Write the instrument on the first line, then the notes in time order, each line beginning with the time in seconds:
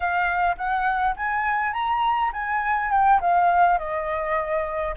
flute
0.00 F5
0.57 F#5
1.16 G#5
1.72 A#5
2.32 G#5
2.91 G5
3.20 F5
3.78 D#5